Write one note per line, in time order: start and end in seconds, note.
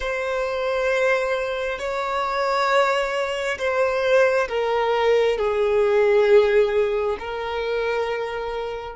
0.00 1.78 C5
1.78 3.57 C#5
3.58 4.48 C5
4.48 5.37 A#4
5.38 7.17 G#4
7.19 8.96 A#4